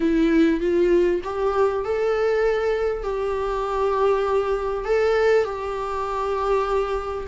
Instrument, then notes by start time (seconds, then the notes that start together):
viola
0.00 E4
0.60 F4
1.23 G4
1.84 A4
3.03 G4
4.85 A4
5.44 G4